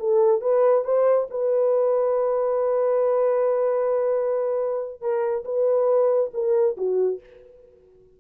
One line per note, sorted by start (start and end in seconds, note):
0.00 0.42 A4
0.42 0.85 B4
0.85 1.27 C5
1.31 5.01 B4
5.01 5.44 A#4
5.45 6.31 B4
6.34 6.77 A#4
6.77 7.20 F#4